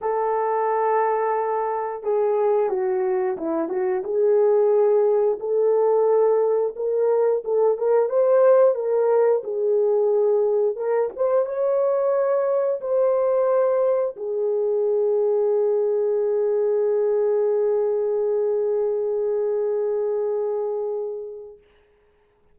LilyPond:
\new Staff \with { instrumentName = "horn" } { \time 4/4 \tempo 4 = 89 a'2. gis'4 | fis'4 e'8 fis'8 gis'2 | a'2 ais'4 a'8 ais'8 | c''4 ais'4 gis'2 |
ais'8 c''8 cis''2 c''4~ | c''4 gis'2.~ | gis'1~ | gis'1 | }